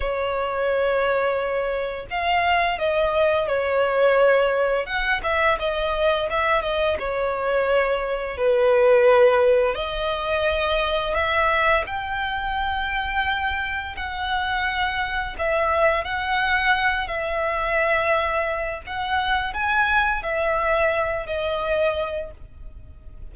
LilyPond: \new Staff \with { instrumentName = "violin" } { \time 4/4 \tempo 4 = 86 cis''2. f''4 | dis''4 cis''2 fis''8 e''8 | dis''4 e''8 dis''8 cis''2 | b'2 dis''2 |
e''4 g''2. | fis''2 e''4 fis''4~ | fis''8 e''2~ e''8 fis''4 | gis''4 e''4. dis''4. | }